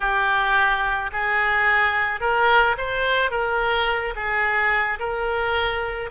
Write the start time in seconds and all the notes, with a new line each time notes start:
0.00 G4
1.12 G#4
2.20 A#4
2.77 C5
3.31 A#4
4.15 G#4
4.98 A#4